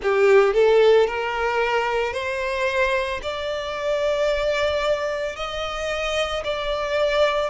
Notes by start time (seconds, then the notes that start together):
0.02 G4
0.54 A4
1.07 A#4
2.13 C5
3.22 D5
5.36 D#5
6.43 D5